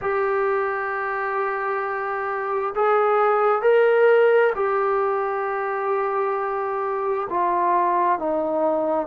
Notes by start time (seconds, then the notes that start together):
0.01 G4
2.75 G#4
3.62 A#4
4.55 G4
7.29 F4
8.19 D#4